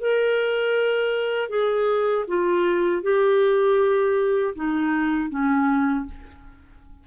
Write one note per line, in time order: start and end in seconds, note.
0.00 1.49 A#4
1.49 2.25 G#4
2.28 3.03 F4
3.03 4.55 G4
4.55 5.30 D#4
5.30 6.06 C#4